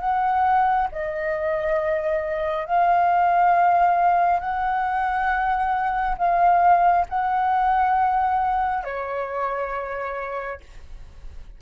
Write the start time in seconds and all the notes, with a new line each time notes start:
0.00 F#5
0.92 D#5
2.66 F5
4.40 F#5
6.18 F5
7.09 F#5
8.84 C#5